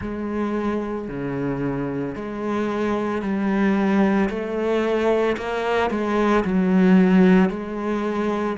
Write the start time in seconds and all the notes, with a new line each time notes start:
0.00 G#3
1.08 C#3
2.15 G#3
3.21 G3
4.29 A3
5.37 A#3
5.90 G#3
6.44 F#3
7.50 G#3